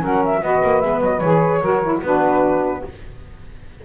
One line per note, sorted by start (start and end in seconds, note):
0.00 0.42 F#3
0.00 0.40 C#4
0.00 0.42 A#4
0.00 0.25 F#5
0.25 0.43 E5
0.42 0.62 B3
0.42 0.82 F#4
0.42 1.60 B4
0.42 0.81 D#5
0.64 0.82 A#3
0.81 1.01 G#3
0.81 1.22 B3
0.81 1.01 E5
1.01 1.21 F#3
1.01 1.19 D#5
1.19 1.61 E3
1.19 1.63 G#4
1.19 1.99 C#5
1.60 2.01 F#3
1.60 1.83 F#4
1.60 2.00 A#4
1.83 2.03 E4
2.02 2.82 B3
2.02 2.85 D4
2.02 2.82 F#4
2.02 2.85 B4